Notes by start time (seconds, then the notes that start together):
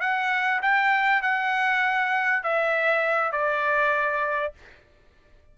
0.00 F#5
0.61 G5
1.22 F#5
2.43 E5
3.32 D5